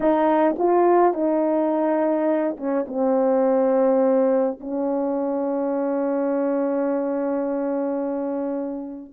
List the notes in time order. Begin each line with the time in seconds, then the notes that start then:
0.00 D#4
0.58 F4
1.13 D#4
2.57 C#4
2.87 C4
4.60 C#4